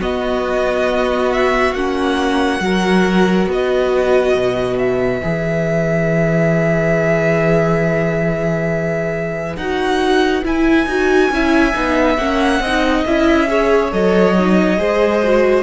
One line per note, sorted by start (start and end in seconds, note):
0.00 1.75 B3
0.00 1.74 B3
0.00 2.61 F#4
0.00 1.32 D#5
1.32 1.75 E5
1.74 2.61 A#3
1.74 2.61 C#4
1.74 3.49 F#5
2.61 3.47 F#3
2.61 5.22 F#4
2.61 3.51 A#4
3.47 4.34 B3
3.47 11.34 B4
3.47 4.79 D#5
4.35 5.22 B2
4.79 9.57 E5
5.23 9.57 E3
5.23 9.57 G#4
9.57 10.44 D#4
9.57 10.44 F#4
9.57 10.44 F#5
10.44 10.87 E4
10.44 12.17 G#5
10.87 11.30 D#4
10.87 11.32 F#4
11.31 11.74 C#4
11.31 11.75 E4
11.31 12.62 E5
11.75 12.19 B3
11.75 12.18 D#4
12.17 12.60 A#3
12.17 12.62 C#4
12.17 13.04 F#5
12.60 13.04 C4
12.60 13.49 D#5
12.67 13.08 D#4
13.07 13.93 C#4
13.07 13.48 E4
13.07 13.93 E5
13.48 13.91 G#4
13.48 14.80 C#5
13.92 14.79 F#3
13.92 14.35 A4
13.92 15.64 D#5
14.38 14.78 D#4
14.78 15.64 G#3
14.78 15.21 G#4
14.78 15.64 C5
15.24 15.64 F#4